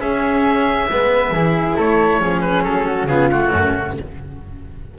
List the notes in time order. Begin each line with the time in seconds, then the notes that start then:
0.00 C#4 G#4 E5
0.91 G#3 B3 B4
1.31 E3 E4 G#4
1.77 A3 A4 C#5
2.19 F3 C#4 G#4
2.41 B4
2.63 F#3 A4
2.87 F#4
3.04 C#3 B3 F4 G#4
3.32 A3 F#4
3.51 F#2 C#4